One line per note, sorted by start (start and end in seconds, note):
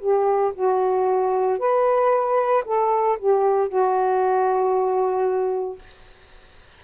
0.00 0.53 G4
0.55 1.59 F#4
1.59 2.65 B4
2.66 3.18 A4
3.19 3.69 G4
3.69 5.79 F#4